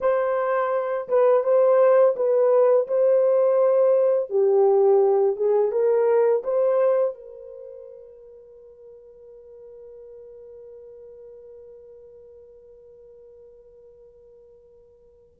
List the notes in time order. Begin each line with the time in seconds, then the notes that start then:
0.00 C5
1.08 B4
1.43 C5
2.16 B4
2.87 C5
4.29 G4
5.36 G#4
5.71 A#4
6.43 C5
7.14 A#4